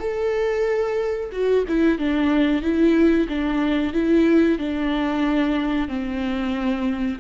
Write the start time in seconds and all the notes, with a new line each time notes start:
0.00 A4
1.33 F#4
1.68 E4
1.99 D4
2.62 E4
3.28 D4
3.93 E4
4.59 D4
5.89 C4